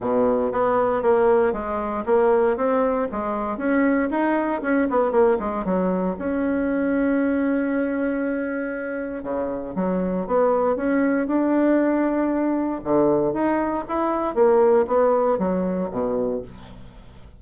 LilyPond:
\new Staff \with { instrumentName = "bassoon" } { \time 4/4 \tempo 4 = 117 b,4 b4 ais4 gis4 | ais4 c'4 gis4 cis'4 | dis'4 cis'8 b8 ais8 gis8 fis4 | cis'1~ |
cis'2 cis4 fis4 | b4 cis'4 d'2~ | d'4 d4 dis'4 e'4 | ais4 b4 fis4 b,4 | }